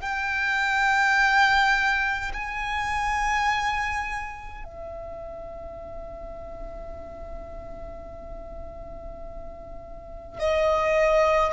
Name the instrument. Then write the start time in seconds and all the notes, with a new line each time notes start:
violin
0.00 G5
2.33 G#5
4.64 E5
10.39 D#5